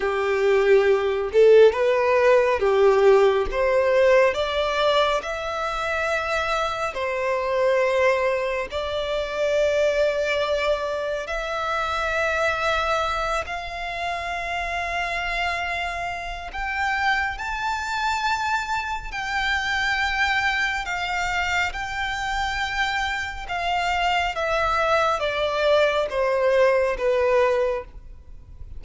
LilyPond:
\new Staff \with { instrumentName = "violin" } { \time 4/4 \tempo 4 = 69 g'4. a'8 b'4 g'4 | c''4 d''4 e''2 | c''2 d''2~ | d''4 e''2~ e''8 f''8~ |
f''2. g''4 | a''2 g''2 | f''4 g''2 f''4 | e''4 d''4 c''4 b'4 | }